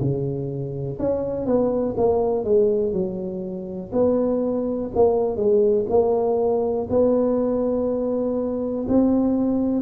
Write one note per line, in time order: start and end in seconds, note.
0.00 0.98 C#3
0.99 1.46 C#4
1.46 1.95 B3
1.97 2.45 A#3
2.45 2.93 G#3
2.93 3.91 F#3
3.93 4.91 B3
4.95 5.36 A#3
5.36 5.85 G#3
5.89 6.88 A#3
6.90 8.87 B3
8.88 9.82 C4